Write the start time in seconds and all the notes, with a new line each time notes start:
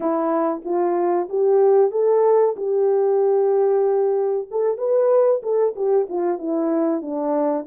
0.00 E4
0.64 F4
1.29 G4
1.91 A4
2.56 G4
4.50 A4
4.77 B4
5.43 A4
5.75 G4
6.09 F4
6.38 E4
7.01 D4